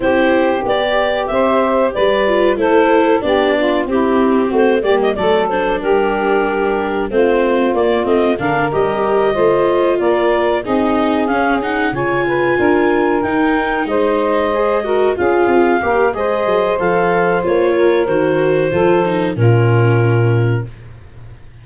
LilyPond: <<
  \new Staff \with { instrumentName = "clarinet" } { \time 4/4 \tempo 4 = 93 c''4 d''4 e''4 d''4 | c''4 d''4 g'4 c''8 d''16 dis''16 | d''8 c''8 ais'2 c''4 | d''8 dis''8 f''8 dis''2 d''8~ |
d''8 dis''4 f''8 fis''8 gis''4.~ | gis''8 g''4 dis''2 f''8~ | f''4 dis''4 f''4 cis''4 | c''2 ais'2 | }
  \new Staff \with { instrumentName = "saxophone" } { \time 4/4 g'2 c''4 b'4 | a'4 g'8 f'8 e'4 fis'8 g'8 | a'4 g'2 f'4~ | f'4 ais'4. c''4 ais'8~ |
ais'8 gis'2 cis''8 b'8 ais'8~ | ais'4. c''4. ais'8 gis'8~ | gis'8 ais'8 c''2~ c''8 ais'8~ | ais'4 a'4 f'2 | }
  \new Staff \with { instrumentName = "viola" } { \time 4/4 e'4 g'2~ g'8 f'8 | e'4 d'4 c'4. ais8 | a8 d'2~ d'8 c'4 | ais8 c'8 d'8 g'4 f'4.~ |
f'8 dis'4 cis'8 dis'8 f'4.~ | f'8 dis'2 gis'8 fis'8 f'8~ | f'8 g'8 gis'4 a'4 f'4 | fis'4 f'8 dis'8 cis'2 | }
  \new Staff \with { instrumentName = "tuba" } { \time 4/4 c'4 b4 c'4 g4 | a4 b4 c'4 a8 g8 | fis4 g2 a4 | ais8 a8 d8 g4 a4 ais8~ |
ais8 c'4 cis'4 cis4 d'8~ | d'8 dis'4 gis2 cis'8 | c'8 ais8 gis8 fis8 f4 ais4 | dis4 f4 ais,2 | }
>>